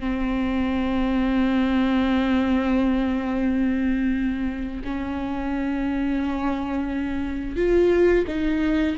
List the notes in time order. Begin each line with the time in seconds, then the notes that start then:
0.00 C4
4.84 C#4
7.56 F4
8.28 D#4